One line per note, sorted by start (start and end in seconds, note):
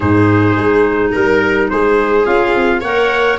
0.00 0.56 G#2
0.00 2.24 D#4
0.00 1.12 G#4
0.00 1.13 C5
0.56 1.12 G#3
1.12 1.71 G3
1.12 1.68 A#4
1.12 1.69 A#4
1.69 2.26 G#3
1.69 2.81 G#4
1.69 2.25 C5
2.24 2.54 C#4
2.24 2.81 F4
2.24 2.82 F5
2.55 2.82 C4
2.81 3.38 A#3
2.81 3.39 A#4
2.81 3.37 C#5
2.81 3.39 F#5